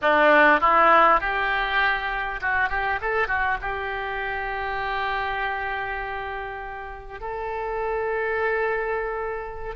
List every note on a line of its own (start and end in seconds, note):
0.01 0.60 D4
0.60 1.20 E4
1.20 2.40 G4
2.41 2.69 F#4
2.69 2.99 G4
3.01 3.27 A4
3.27 3.57 F#4
3.61 7.20 G4
7.20 9.75 A4